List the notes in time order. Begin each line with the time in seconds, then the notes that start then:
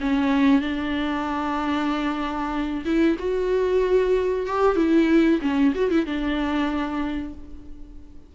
0.00 C#4
0.61 D4
2.85 E4
3.19 F#4
4.46 G4
4.76 E4
5.41 C#4
5.74 F#4
5.90 E4
6.06 D4